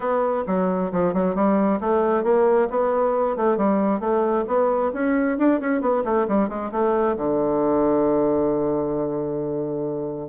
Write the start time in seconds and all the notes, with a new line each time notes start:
0.00 B3
0.46 F#3
0.92 F3
1.13 F#3
1.35 G3
1.80 A3
2.23 A#3
2.69 B3
3.36 A3
3.57 G3
4.00 A3
4.47 B3
4.93 C#4
5.38 D4
5.60 C#4
5.81 B3
6.04 A3
6.28 G3
6.48 G#3
6.71 A3
7.16 D3